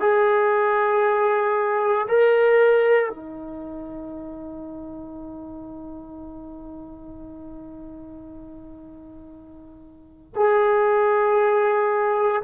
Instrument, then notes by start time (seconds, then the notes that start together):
trombone
0.00 G#4
2.08 A#4
3.09 D#4
10.35 G#4